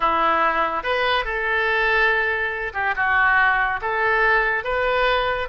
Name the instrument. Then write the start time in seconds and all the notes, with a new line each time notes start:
oboe
0.00 E4
0.83 B4
1.24 A4
2.73 G4
2.95 F#4
3.81 A4
4.64 B4